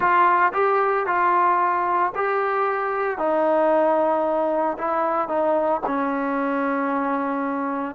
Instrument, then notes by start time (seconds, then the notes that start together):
trombone
0.00 F4
0.53 G4
1.06 F4
2.15 G4
3.18 D#4
4.78 E4
5.28 D#4
5.86 C#4